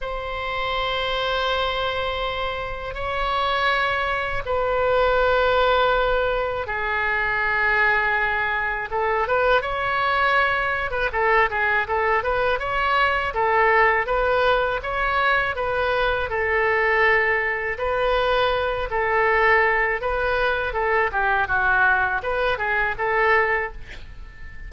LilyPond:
\new Staff \with { instrumentName = "oboe" } { \time 4/4 \tempo 4 = 81 c''1 | cis''2 b'2~ | b'4 gis'2. | a'8 b'8 cis''4.~ cis''16 b'16 a'8 gis'8 |
a'8 b'8 cis''4 a'4 b'4 | cis''4 b'4 a'2 | b'4. a'4. b'4 | a'8 g'8 fis'4 b'8 gis'8 a'4 | }